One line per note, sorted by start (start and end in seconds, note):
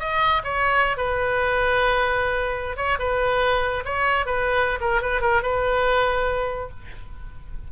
0.00 0.43 D#5
0.44 0.97 C#5
0.97 2.77 B4
2.77 2.98 C#5
2.99 3.84 B4
3.85 4.26 C#5
4.26 4.79 B4
4.81 5.02 A#4
5.02 5.21 B4
5.21 5.42 A#4
5.42 6.70 B4